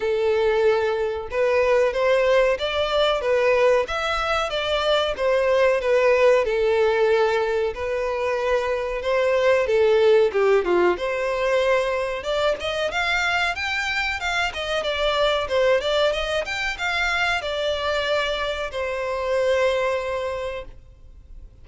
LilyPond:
\new Staff \with { instrumentName = "violin" } { \time 4/4 \tempo 4 = 93 a'2 b'4 c''4 | d''4 b'4 e''4 d''4 | c''4 b'4 a'2 | b'2 c''4 a'4 |
g'8 f'8 c''2 d''8 dis''8 | f''4 g''4 f''8 dis''8 d''4 | c''8 d''8 dis''8 g''8 f''4 d''4~ | d''4 c''2. | }